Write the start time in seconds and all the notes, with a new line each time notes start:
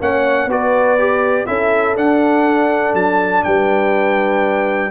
0.00 A#3 C#4 C#5 F#5
0.46 B3 F#4 B4 D5
0.99 G4
1.46 C#4 E4 A4 E5
1.96 D4 F#5
2.94 F#3 A5
3.44 G3 B4 G5